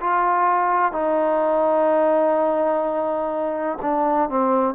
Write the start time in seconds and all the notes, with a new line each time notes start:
0.00 F4
0.92 D#4
3.81 D4
4.29 C4